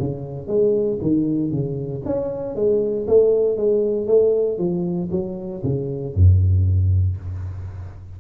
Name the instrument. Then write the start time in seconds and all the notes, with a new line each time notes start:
tuba
0.00 C#3
0.48 G#3
1.02 D#3
1.51 C#3
2.05 C#4
2.55 G#3
3.08 A3
3.57 G#3
4.07 A3
4.58 F3
5.11 F#3
5.63 C#3
6.15 F#2